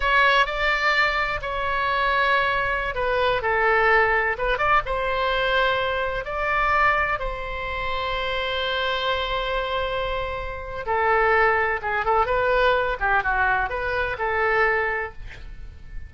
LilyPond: \new Staff \with { instrumentName = "oboe" } { \time 4/4 \tempo 4 = 127 cis''4 d''2 cis''4~ | cis''2~ cis''16 b'4 a'8.~ | a'4~ a'16 b'8 d''8 c''4.~ c''16~ | c''4~ c''16 d''2 c''8.~ |
c''1~ | c''2. a'4~ | a'4 gis'8 a'8 b'4. g'8 | fis'4 b'4 a'2 | }